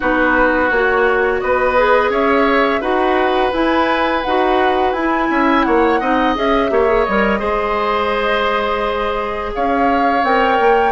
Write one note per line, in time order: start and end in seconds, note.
0.00 0.70 B3
0.00 0.70 D#4
0.00 1.40 F#4
0.00 0.70 B4
0.70 1.41 A#3
0.70 1.76 F#4
0.70 1.40 C#5
1.40 2.09 B3
1.40 2.10 B4
1.40 2.11 D#5
1.76 2.81 G#4
2.09 2.80 C#4
2.09 2.80 C#5
2.09 2.81 E5
2.80 3.51 D#4
2.80 3.52 F#4
2.80 5.27 B4
2.80 3.52 F#5
3.52 4.22 E4
3.52 4.23 E4
3.52 4.22 G#5
4.22 4.92 D#4
4.22 4.96 F#4
4.22 4.92 F#5
4.92 5.28 E4
4.92 6.01 E4
4.92 5.63 G#5
5.30 5.65 C#4
5.30 5.65 E5
5.63 6.00 A#3
5.63 5.99 C#5
5.63 6.34 F#5
5.99 6.36 C4
5.99 6.35 D#4
5.99 6.70 D#5
6.35 6.71 C#4
6.35 6.70 G#4
6.35 7.04 E5
6.70 7.06 A#3
6.70 6.87 G4
6.70 7.39 C#5
6.87 7.05 G#4
7.04 7.41 G3
7.04 7.38 A#4
7.04 9.51 D#5
7.38 9.52 G#3
7.38 10.21 G#4
7.38 9.51 C5
9.55 10.23 C#4
9.55 10.92 C#5
9.55 10.24 F5
10.23 10.58 C4
10.23 10.92 A#4
10.23 10.92 G5
10.59 10.92 A#3